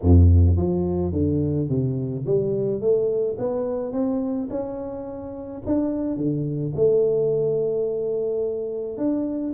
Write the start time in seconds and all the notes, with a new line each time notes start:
0.01 F2
0.57 F3
1.12 D3
1.68 C3
2.26 G3
2.80 A3
3.38 B3
3.92 C4
4.50 C#4
5.66 D4
6.17 D3
6.75 A3
8.97 D4